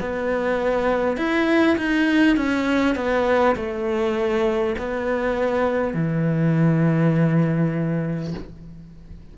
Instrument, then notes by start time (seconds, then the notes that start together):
cello
0.00 B3
1.17 E4
1.77 D#4
2.37 C#4
2.95 B3
3.56 A3
4.78 B3
5.93 E3